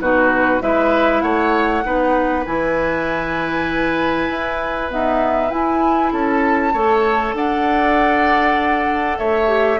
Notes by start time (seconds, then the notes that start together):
0.00 B2 D#4 F#4 B4
0.61 G#3 E4 B4 E5
1.21 A3 C#5 F#5
1.84 B3 D#4 B4
2.46 E3 E4 G#5
4.30 E4
4.89 B3 D#4 E5
5.50 E4 G#5
6.12 C#4 A4 A5
6.73 A3 A4 C#5
7.34 D4 D5 F#5
9.19 A3 C#5 E5
9.47 G4